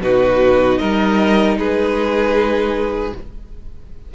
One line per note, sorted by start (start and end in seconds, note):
0.00 0.78 B2
0.00 3.13 D#4
0.00 0.80 F#4
0.00 0.78 B4
0.78 1.57 G3
0.78 1.58 A#4
0.78 1.56 D#5
1.57 3.13 G#3
1.57 3.14 G#4
1.57 3.15 B4